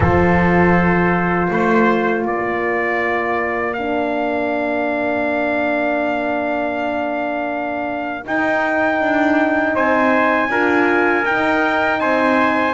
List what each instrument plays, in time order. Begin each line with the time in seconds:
0.00 double bass F3, horn F4, trumpet A4 C5
1.50 double bass A3, trumpet C5
2.21 double bass A#3, trumpet A#4 D5
3.73 horn D4, trumpet F5
8.23 horn D#4, double bass D#4, trumpet G5
9.00 double bass D4
9.74 double bass C4, trumpet C5 G#5
10.49 double bass D4, horn F4, trumpet A#4
11.25 double bass D#4, horn D#4, trumpet G5
12.00 double bass C4, trumpet C5 G#5